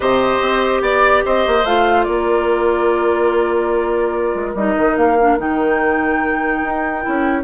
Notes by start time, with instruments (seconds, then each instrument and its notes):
0.00 bassoon C3, clarinet G4, oboe C5, flute D#5
0.41 bassoon C4
0.81 bassoon B3, oboe D5, flute D5
1.25 bassoon C4, oboe C5, flute D#5
1.46 bassoon A#3
1.64 bassoon A3, clarinet F4, flute F5
2.03 bassoon A#3, oboe A#4, flute D5
4.34 bassoon G#3
4.54 bassoon G3, clarinet D#4, flute D#5
4.76 bassoon D#3
4.96 bassoon A#3, flute F5
5.19 clarinet D4
5.38 bassoon D#3, clarinet D#4, flute G5
6.62 bassoon D#4
7.01 clarinet E4
7.07 bassoon C#4